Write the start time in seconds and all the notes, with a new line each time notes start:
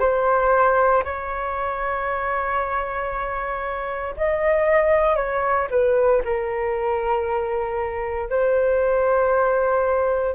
0.00 C5
1.05 C#5
4.17 D#5
5.16 C#5
5.70 B4
6.25 A#4
8.30 C5